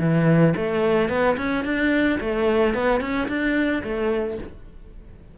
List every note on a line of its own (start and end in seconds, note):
0.00 0.55 E3
0.57 1.10 A3
1.10 1.37 B3
1.38 1.65 C#4
1.65 2.19 D4
2.21 2.75 A3
2.75 3.01 B3
3.01 3.29 C#4
3.29 3.83 D4
3.84 4.39 A3